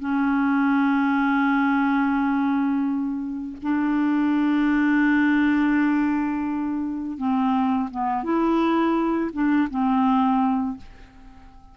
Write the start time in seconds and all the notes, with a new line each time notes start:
0.00 C#4
3.63 D4
7.18 C4
7.91 B3
8.24 E4
9.33 D4
9.70 C4